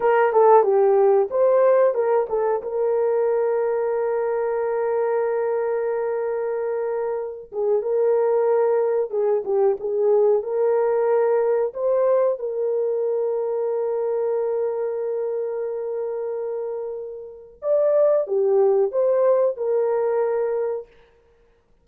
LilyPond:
\new Staff \with { instrumentName = "horn" } { \time 4/4 \tempo 4 = 92 ais'8 a'8 g'4 c''4 ais'8 a'8 | ais'1~ | ais'2.~ ais'8 gis'8 | ais'2 gis'8 g'8 gis'4 |
ais'2 c''4 ais'4~ | ais'1~ | ais'2. d''4 | g'4 c''4 ais'2 | }